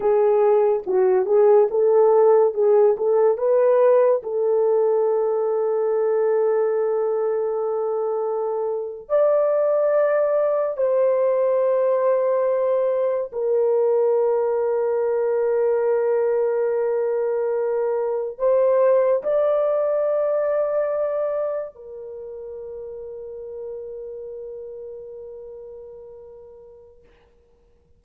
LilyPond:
\new Staff \with { instrumentName = "horn" } { \time 4/4 \tempo 4 = 71 gis'4 fis'8 gis'8 a'4 gis'8 a'8 | b'4 a'2.~ | a'2~ a'8. d''4~ d''16~ | d''8. c''2. ais'16~ |
ais'1~ | ais'4.~ ais'16 c''4 d''4~ d''16~ | d''4.~ d''16 ais'2~ ais'16~ | ais'1 | }